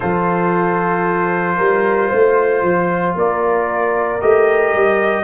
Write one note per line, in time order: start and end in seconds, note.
0.00 1.58 F3
0.00 4.20 F4
0.00 1.56 A4
0.00 3.15 C5
1.56 2.11 G3
1.56 2.09 A#4
2.09 2.62 A3
2.09 3.14 C5
2.62 3.14 F3
3.14 4.20 A#3
3.14 5.24 A#4
3.14 4.21 D5
4.21 4.73 A3
4.21 5.24 G4
4.21 5.24 D#5
4.73 5.24 G3